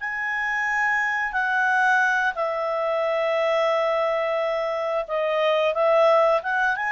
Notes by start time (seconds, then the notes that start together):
0.00 G#5
1.32 F#5
2.35 E5
5.07 D#5
5.74 E5
6.42 F#5
6.76 G#5